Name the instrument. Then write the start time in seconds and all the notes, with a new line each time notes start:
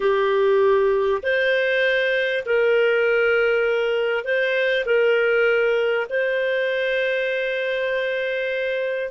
clarinet
0.00 G4
1.23 C5
2.45 A#4
4.24 C5
4.85 A#4
6.09 C5